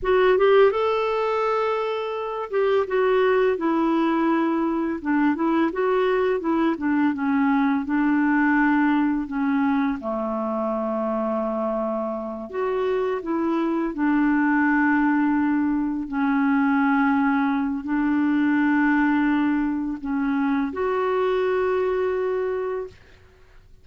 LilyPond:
\new Staff \with { instrumentName = "clarinet" } { \time 4/4 \tempo 4 = 84 fis'8 g'8 a'2~ a'8 g'8 | fis'4 e'2 d'8 e'8 | fis'4 e'8 d'8 cis'4 d'4~ | d'4 cis'4 a2~ |
a4. fis'4 e'4 d'8~ | d'2~ d'8 cis'4.~ | cis'4 d'2. | cis'4 fis'2. | }